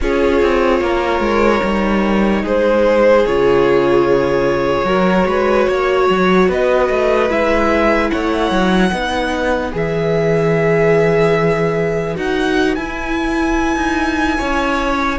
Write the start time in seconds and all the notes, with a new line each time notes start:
0.01 C#4 F4 G#4 C#5
0.41 C4
0.81 A#3 A#4
1.20 G#3
1.63 G3 D#4
2.43 G#3 G#4 C5
3.26 C#3 F4 C#5
4.83 F#3 F#4 A#4
5.26 G#3 B4
5.68 A#3 C#5
6.09 F#3
6.48 B3 B4 D#5
6.89 A3
7.29 G#3 E4 E5
8.10 A3 C#5 F#5
8.50 F#3
8.92 B3 D#4 B4
9.71 E3 G#4 E5
12.14 D#4 F#4 F#5
12.75 E4 G#5
13.76 D#4
14.38 C#4 C#5